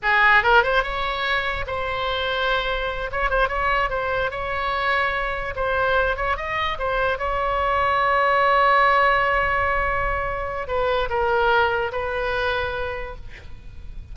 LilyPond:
\new Staff \with { instrumentName = "oboe" } { \time 4/4 \tempo 4 = 146 gis'4 ais'8 c''8 cis''2 | c''2.~ c''8 cis''8 | c''8 cis''4 c''4 cis''4.~ | cis''4. c''4. cis''8 dis''8~ |
dis''8 c''4 cis''2~ cis''8~ | cis''1~ | cis''2 b'4 ais'4~ | ais'4 b'2. | }